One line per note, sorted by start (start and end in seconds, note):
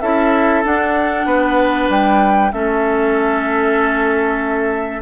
0.00 0.64 C#4
0.00 0.64 E4
0.00 1.26 A4
0.00 0.62 E5
0.64 2.52 D4
0.64 1.25 D4
0.64 1.90 F#5
1.25 1.88 B3
1.25 2.51 B4
1.89 2.51 G3
1.89 2.52 G5
2.52 5.01 A3
2.52 5.01 C#4
2.52 5.01 A4
2.52 5.01 E5